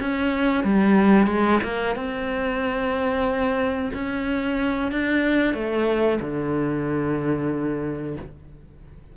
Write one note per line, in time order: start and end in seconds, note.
0.00 0.64 C#4
0.64 1.27 G3
1.27 1.59 G#3
1.63 1.95 A#3
1.95 3.91 C4
3.94 4.92 C#4
4.92 5.54 D4
5.54 6.19 A3
6.20 8.16 D3